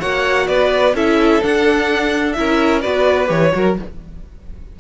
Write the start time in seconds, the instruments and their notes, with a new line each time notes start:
0.00 cello A#3, viola F#4, violin C#5 F#5
0.48 cello B3, violin B4 D5
0.94 cello C#4, viola E4, violin A4 E5
1.42 viola D4, cello D4, violin F#5
2.33 cello C#4, viola E4, violin A#4 E5
2.82 cello B3, viola F#4, violin B4 D5
3.27 cello E3, viola G4, violin C#5
3.53 cello F#3, viola F#4, violin A#4